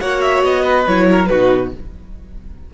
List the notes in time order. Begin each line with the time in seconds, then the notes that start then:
0.00 A#3 F#4 C#5 F#5
0.22 E5
0.43 B3 D#5
0.63 B4
0.87 F#3 E4 C#5
1.10 A#4
1.26 B2 D#4 F#4 B4